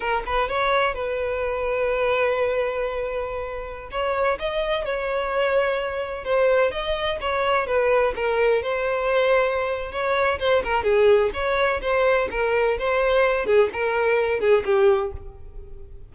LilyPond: \new Staff \with { instrumentName = "violin" } { \time 4/4 \tempo 4 = 127 ais'8 b'8 cis''4 b'2~ | b'1~ | b'16 cis''4 dis''4 cis''4.~ cis''16~ | cis''4~ cis''16 c''4 dis''4 cis''8.~ |
cis''16 b'4 ais'4 c''4.~ c''16~ | c''4 cis''4 c''8 ais'8 gis'4 | cis''4 c''4 ais'4 c''4~ | c''8 gis'8 ais'4. gis'8 g'4 | }